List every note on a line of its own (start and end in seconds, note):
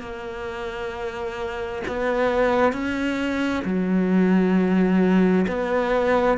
0.00 1.82 A#3
1.87 2.72 B3
2.72 3.63 C#4
3.64 5.46 F#3
5.47 6.38 B3